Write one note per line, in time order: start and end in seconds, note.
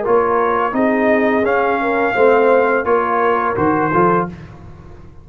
0.00 0.72 F4
0.00 0.71 A#4
0.06 0.73 A#3
0.06 0.74 C#5
0.72 1.43 C4
0.72 1.42 D#4
0.72 1.81 G#4
0.72 1.45 D#5
1.43 2.13 C#4
1.43 2.15 C#4
1.43 2.85 F5
1.81 2.14 A#4
2.14 2.84 A3
2.14 2.85 C4
2.14 2.84 C5
2.84 3.55 A#3
2.84 3.55 F4
2.84 3.92 A#4
2.84 3.56 C#5
3.55 3.92 D#3
3.55 3.91 F#4
3.55 4.27 C5
3.92 4.28 F3
3.92 4.29 F4
3.92 4.28 A4